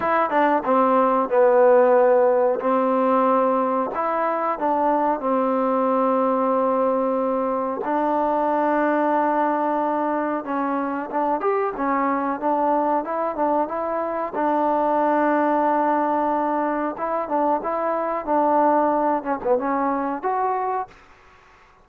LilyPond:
\new Staff \with { instrumentName = "trombone" } { \time 4/4 \tempo 4 = 92 e'8 d'8 c'4 b2 | c'2 e'4 d'4 | c'1 | d'1 |
cis'4 d'8 g'8 cis'4 d'4 | e'8 d'8 e'4 d'2~ | d'2 e'8 d'8 e'4 | d'4. cis'16 b16 cis'4 fis'4 | }